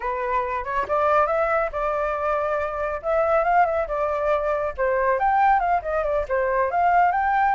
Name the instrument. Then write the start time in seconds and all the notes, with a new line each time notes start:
flute
0.00 B4
0.64 C#5
0.88 D5
1.26 E5
1.71 D5
3.02 E5
3.43 F5
3.65 E5
3.87 D5
4.77 C5
5.19 G5
5.59 F5
5.82 D#5
6.03 D5
6.28 C5
6.70 F5
7.11 G5